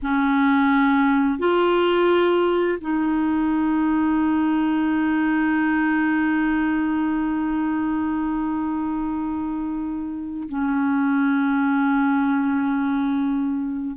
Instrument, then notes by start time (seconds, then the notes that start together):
clarinet
0.02 C#4
1.38 F4
2.81 D#4
10.48 C#4